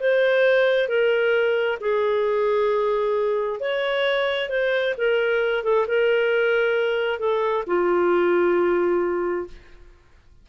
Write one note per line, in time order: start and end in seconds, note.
0.00 0.88 C5
0.88 1.78 A#4
1.80 3.60 G#4
3.60 4.49 C#5
4.49 4.94 C5
4.97 5.63 A#4
5.63 5.86 A4
5.87 7.19 A#4
7.19 7.64 A4
7.66 9.47 F4